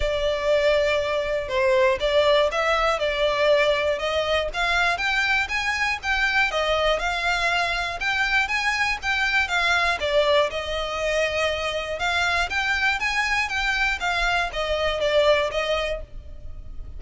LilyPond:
\new Staff \with { instrumentName = "violin" } { \time 4/4 \tempo 4 = 120 d''2. c''4 | d''4 e''4 d''2 | dis''4 f''4 g''4 gis''4 | g''4 dis''4 f''2 |
g''4 gis''4 g''4 f''4 | d''4 dis''2. | f''4 g''4 gis''4 g''4 | f''4 dis''4 d''4 dis''4 | }